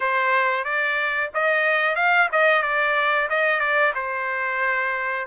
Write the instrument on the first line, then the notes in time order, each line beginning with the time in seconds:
trumpet
0.00 C5
0.64 D5
1.34 D#5
1.95 F5
2.32 D#5
2.62 D5
3.29 D#5
3.59 D5
3.94 C5